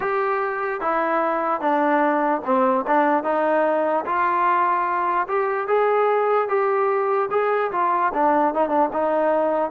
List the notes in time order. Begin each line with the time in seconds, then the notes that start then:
0.00 G4
0.80 E4
1.60 D4
2.44 C4
2.87 D4
3.23 D#4
4.05 F4
5.28 G4
5.67 G#4
6.48 G4
7.30 G#4
7.71 F4
8.13 D4
8.54 D#4
8.68 D4
8.92 D#4